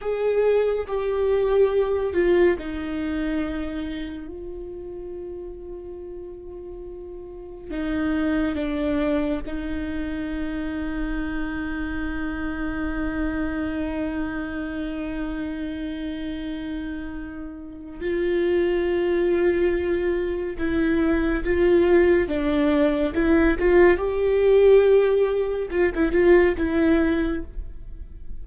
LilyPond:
\new Staff \with { instrumentName = "viola" } { \time 4/4 \tempo 4 = 70 gis'4 g'4. f'8 dis'4~ | dis'4 f'2.~ | f'4 dis'4 d'4 dis'4~ | dis'1~ |
dis'1~ | dis'4 f'2. | e'4 f'4 d'4 e'8 f'8 | g'2 f'16 e'16 f'8 e'4 | }